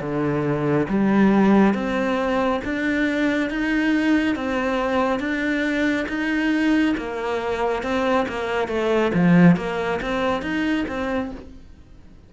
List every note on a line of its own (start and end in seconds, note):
0.00 0.87 D3
0.89 1.74 G3
1.74 2.61 C4
2.64 3.50 D4
3.50 4.36 D#4
4.36 5.19 C4
5.19 6.06 D4
6.08 6.95 D#4
6.97 7.83 A#3
7.83 8.26 C4
8.28 8.68 A#3
8.68 9.11 A3
9.14 9.57 F3
9.57 10.00 A#3
10.01 10.42 C4
10.42 10.85 D#4
10.88 11.31 C4